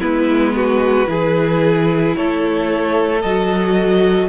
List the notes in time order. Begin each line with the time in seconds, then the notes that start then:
0.00 G#3 B3 E4 B4
0.55 F#4
1.06 E3 E4 G#4
2.16 A3 A4 C#5
3.22 F#3 F#4 D#5